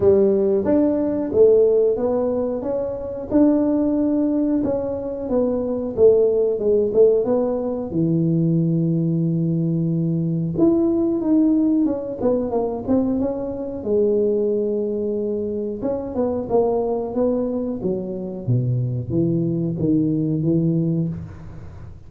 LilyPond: \new Staff \with { instrumentName = "tuba" } { \time 4/4 \tempo 4 = 91 g4 d'4 a4 b4 | cis'4 d'2 cis'4 | b4 a4 gis8 a8 b4 | e1 |
e'4 dis'4 cis'8 b8 ais8 c'8 | cis'4 gis2. | cis'8 b8 ais4 b4 fis4 | b,4 e4 dis4 e4 | }